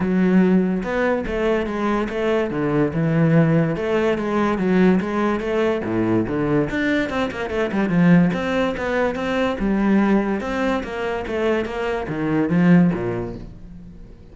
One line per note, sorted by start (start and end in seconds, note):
0.00 0.82 F#3
0.83 1.24 B3
1.27 1.66 A3
1.66 2.08 G#3
2.09 2.50 A3
2.50 2.92 D3
2.93 3.76 E3
3.76 4.17 A3
4.17 4.58 G#3
4.58 4.99 F#3
5.00 5.40 G#3
5.40 5.81 A3
5.84 6.26 A2
6.27 6.69 D3
6.70 7.09 D4
7.09 7.30 C4
7.31 7.49 A#3
7.49 7.70 A3
7.72 7.89 G3
7.89 8.30 F3
8.33 8.75 C4
8.77 9.15 B3
9.15 9.56 C4
9.59 10.41 G3
10.41 10.82 C4
10.83 11.25 A#3
11.27 11.65 A3
11.65 12.06 A#3
12.08 12.49 D#3
12.49 12.90 F3
12.93 13.35 A#2